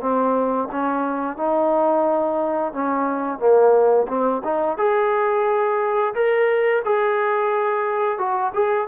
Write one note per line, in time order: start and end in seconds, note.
0.00 0.68 C4
0.71 1.37 C#4
1.37 2.73 D#4
2.73 3.38 C#4
3.38 4.07 A#3
4.08 4.42 C4
4.44 4.77 D#4
4.77 6.14 G#4
6.14 6.82 A#4
6.85 8.18 G#4
8.18 8.52 F#4
8.54 8.87 G#4